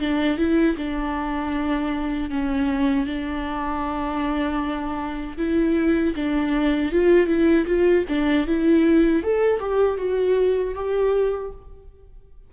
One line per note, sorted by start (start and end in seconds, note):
0.00 0.38 D4
0.38 0.76 E4
0.77 2.30 D4
2.30 3.07 C#4
3.07 5.37 D4
5.38 6.15 E4
6.15 6.92 D4
6.93 7.27 F4
7.27 7.66 E4
7.67 8.05 F4
8.09 8.47 D4
8.48 9.23 E4
9.23 9.60 A4
9.60 9.98 G4
9.98 10.74 F#4
10.75 11.52 G4